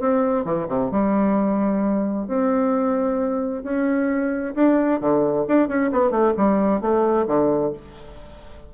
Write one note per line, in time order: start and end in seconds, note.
0.00 0.45 C4
0.45 0.67 E3
0.69 0.91 C3
0.91 2.27 G3
2.28 3.63 C4
3.63 4.54 C#4
4.55 5.00 D4
5.00 5.46 D3
5.48 5.68 D4
5.68 5.91 C#4
5.92 6.11 B3
6.11 6.33 A3
6.37 6.81 G3
6.81 7.26 A3
7.27 7.73 D3